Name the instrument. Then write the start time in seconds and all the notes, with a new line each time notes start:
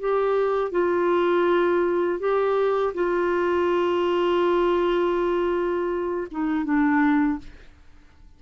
clarinet
0.00 G4
0.72 F4
2.20 G4
2.95 F4
6.31 D#4
6.65 D4